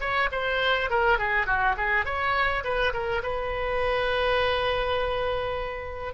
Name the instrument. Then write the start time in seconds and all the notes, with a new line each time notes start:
oboe
0.00 C#5
0.32 C5
0.90 A#4
1.18 G#4
1.46 F#4
1.76 G#4
2.05 C#5
2.63 B4
2.93 A#4
3.23 B4